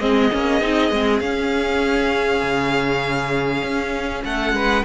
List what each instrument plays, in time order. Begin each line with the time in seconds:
0.00 cello G#3, viola C4, violin G#4 D#5
0.32 cello A#3, viola C#4
0.61 cello C4, viola D#4
0.92 cello G#3, viola C4
1.20 cello C#4, viola C#4, violin F5
2.42 cello C#3
3.63 cello C#4
4.25 cello A3, violin A4 F#5
4.53 cello G#3, violin B4